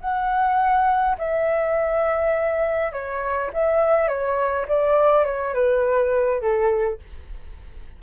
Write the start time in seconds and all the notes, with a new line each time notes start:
0.00 F#5
1.18 E5
2.92 C#5
3.53 E5
4.08 C#5
4.67 D5
5.25 C#5
5.54 B4
6.41 A4